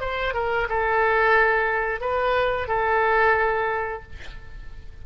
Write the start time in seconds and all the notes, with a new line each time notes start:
0.00 C5
0.34 A#4
0.69 A4
2.00 B4
2.68 A4